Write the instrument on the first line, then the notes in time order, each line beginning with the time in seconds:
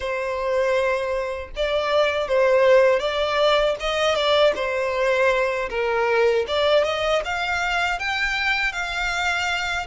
violin
0.00 C5
1.56 D5
2.28 C5
2.99 D5
3.79 D#5
4.15 D5
4.55 C5
5.69 A#4
6.47 D5
6.84 D#5
7.24 F5
7.99 G5
8.72 F5